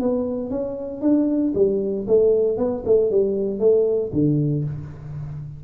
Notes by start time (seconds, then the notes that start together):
0.00 B3
0.50 C#4
1.01 D4
1.54 G3
2.07 A3
2.57 B3
2.85 A3
3.11 G3
3.59 A3
4.12 D3